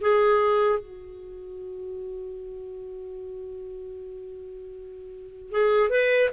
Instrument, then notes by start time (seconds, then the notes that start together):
clarinet
0.00 G#4
0.79 F#4
5.50 G#4
5.90 B4